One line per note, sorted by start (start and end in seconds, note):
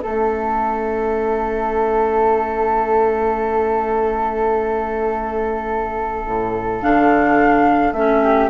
0.00 6.27 A3
0.00 6.81 C#4
0.00 8.23 A4
0.00 6.79 E5
6.27 6.83 A2
6.82 7.93 D3
6.82 7.95 D4
6.82 7.94 F5
7.93 8.50 A3
7.93 8.51 C#4
7.93 8.50 E5
8.23 8.51 G4